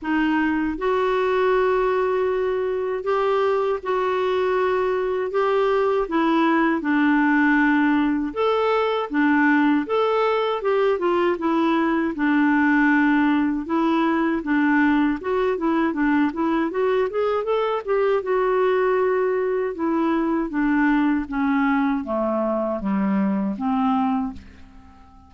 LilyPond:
\new Staff \with { instrumentName = "clarinet" } { \time 4/4 \tempo 4 = 79 dis'4 fis'2. | g'4 fis'2 g'4 | e'4 d'2 a'4 | d'4 a'4 g'8 f'8 e'4 |
d'2 e'4 d'4 | fis'8 e'8 d'8 e'8 fis'8 gis'8 a'8 g'8 | fis'2 e'4 d'4 | cis'4 a4 g4 c'4 | }